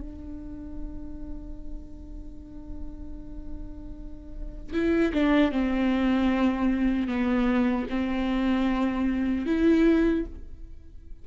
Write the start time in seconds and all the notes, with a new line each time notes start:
0.00 D4
4.73 E4
5.13 D4
5.51 C4
7.07 B3
7.89 C4
9.46 E4